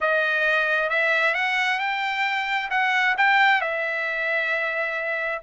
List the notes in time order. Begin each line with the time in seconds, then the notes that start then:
0.00 D#5
0.89 E5
1.34 F#5
1.79 G5
2.70 F#5
3.17 G5
3.61 E5